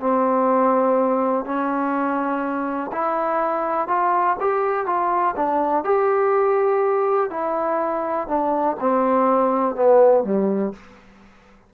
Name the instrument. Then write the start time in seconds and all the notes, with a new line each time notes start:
trombone
0.00 C4
1.45 C#4
2.92 E4
3.88 F4
4.41 G4
4.86 F4
5.36 D4
5.84 G4
7.31 E4
8.28 D4
8.80 C4
9.76 B3
10.24 G3